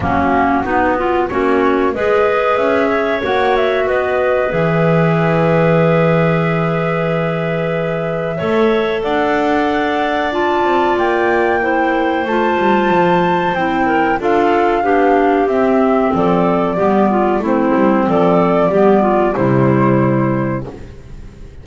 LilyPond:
<<
  \new Staff \with { instrumentName = "flute" } { \time 4/4 \tempo 4 = 93 fis'2 cis''4 dis''4 | e''4 fis''8 e''8 dis''4 e''4~ | e''1~ | e''2 fis''2 |
a''4 g''2 a''4~ | a''4 g''4 f''2 | e''4 d''2 c''4 | d''2 c''2 | }
  \new Staff \with { instrumentName = "clarinet" } { \time 4/4 cis'4 dis'8 f'8 fis'4 b'4~ | b'8 cis''4. b'2~ | b'1~ | b'4 cis''4 d''2~ |
d''2 c''2~ | c''4. ais'8 a'4 g'4~ | g'4 a'4 g'8 f'8 e'4 | a'4 g'8 f'8 e'2 | }
  \new Staff \with { instrumentName = "clarinet" } { \time 4/4 ais4 b4 cis'4 gis'4~ | gis'4 fis'2 gis'4~ | gis'1~ | gis'4 a'2. |
f'2 e'4 f'4~ | f'4 e'4 f'4 d'4 | c'2 b4 c'4~ | c'4 b4 g2 | }
  \new Staff \with { instrumentName = "double bass" } { \time 4/4 fis4 b4 ais4 gis4 | cis'4 ais4 b4 e4~ | e1~ | e4 a4 d'2~ |
d'8 c'8 ais2 a8 g8 | f4 c'4 d'4 b4 | c'4 f4 g4 a8 g8 | f4 g4 c2 | }
>>